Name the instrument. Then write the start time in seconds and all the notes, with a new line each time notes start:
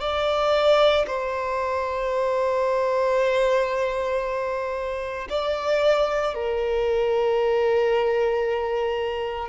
violin
0.00 D5
1.07 C5
5.29 D5
6.34 A#4